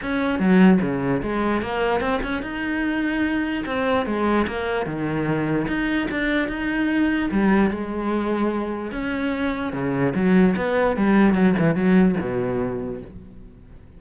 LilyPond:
\new Staff \with { instrumentName = "cello" } { \time 4/4 \tempo 4 = 148 cis'4 fis4 cis4 gis4 | ais4 c'8 cis'8 dis'2~ | dis'4 c'4 gis4 ais4 | dis2 dis'4 d'4 |
dis'2 g4 gis4~ | gis2 cis'2 | cis4 fis4 b4 g4 | fis8 e8 fis4 b,2 | }